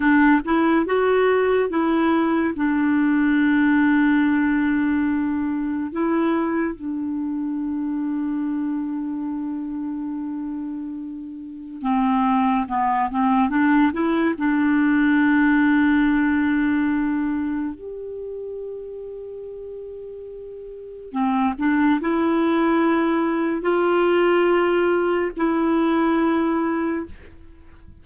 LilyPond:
\new Staff \with { instrumentName = "clarinet" } { \time 4/4 \tempo 4 = 71 d'8 e'8 fis'4 e'4 d'4~ | d'2. e'4 | d'1~ | d'2 c'4 b8 c'8 |
d'8 e'8 d'2.~ | d'4 g'2.~ | g'4 c'8 d'8 e'2 | f'2 e'2 | }